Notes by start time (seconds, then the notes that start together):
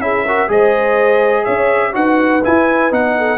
0.00 C#4 E4 G#4 E5
0.26 F#4 A#4
0.48 G#3 G#4 C5 D#5
1.44 C#4 C#5 E5
1.93 D#4 F#4 B4 F#5
2.44 E4 G#5
2.91 B3 D#4 F#5
3.18 A4